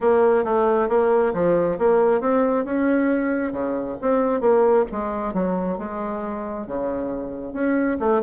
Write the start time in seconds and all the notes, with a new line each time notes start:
0.00 A#3
0.44 A3
0.88 A#3
1.33 F3
1.78 A#3
2.20 C4
2.64 C#4
3.52 C#3
4.01 C4
4.40 A#3
4.91 G#3
5.33 F#3
5.78 G#3
6.66 C#3
7.53 C#4
7.99 A3